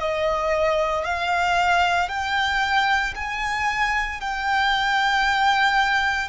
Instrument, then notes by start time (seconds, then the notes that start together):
violin
0.00 D#5
1.05 F5
2.09 G5
3.16 G#5
4.21 G5